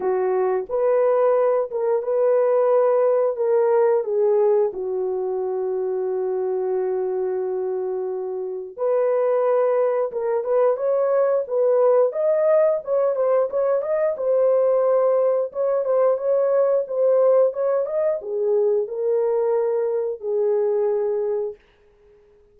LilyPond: \new Staff \with { instrumentName = "horn" } { \time 4/4 \tempo 4 = 89 fis'4 b'4. ais'8 b'4~ | b'4 ais'4 gis'4 fis'4~ | fis'1~ | fis'4 b'2 ais'8 b'8 |
cis''4 b'4 dis''4 cis''8 c''8 | cis''8 dis''8 c''2 cis''8 c''8 | cis''4 c''4 cis''8 dis''8 gis'4 | ais'2 gis'2 | }